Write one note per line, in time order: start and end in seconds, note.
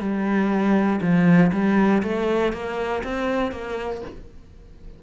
0.00 1.00 G3
1.01 1.51 F3
1.52 2.02 G3
2.02 2.52 A3
2.52 3.02 A#3
3.03 3.51 C4
3.51 4.01 A#3